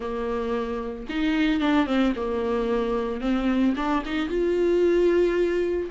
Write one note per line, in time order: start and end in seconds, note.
0.00 1.06 A#3
1.09 1.60 D#4
1.60 1.86 D4
1.86 2.13 C4
2.16 3.20 A#3
3.20 3.74 C4
3.76 4.03 D4
4.05 4.29 D#4
4.29 5.89 F4